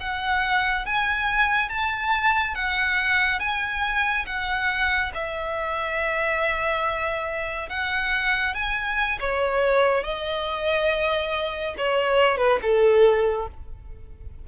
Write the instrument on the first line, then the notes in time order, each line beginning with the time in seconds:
violin
0.00 F#5
0.86 G#5
1.69 A5
2.55 F#5
3.40 G#5
4.26 F#5
5.14 E5
7.69 F#5
8.54 G#5
9.20 C#5
10.04 D#5
11.77 C#5
12.38 B4
12.62 A4